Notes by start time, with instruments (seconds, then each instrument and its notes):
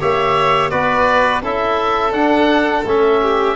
0.00 tuba A#3, trombone G4, violin C#5, oboe E5
0.70 tuba B3, trombone F#4, violin B4, oboe D5
1.42 tuba C#4, trombone E4, violin A4, oboe E5
2.12 tuba D4, trombone D4, oboe F#5
2.85 tuba A3, trombone C#4, oboe E5
3.22 violin G4